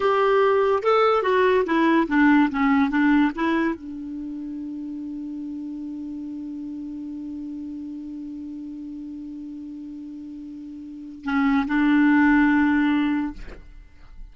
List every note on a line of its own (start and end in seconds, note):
0.00 0.82 G4
0.82 1.23 A4
1.23 1.64 F#4
1.65 2.07 E4
2.07 2.49 D4
2.50 2.90 C#4
2.90 3.31 D4
3.35 3.75 E4
3.75 11.24 D4
11.24 11.66 C#4
11.66 13.33 D4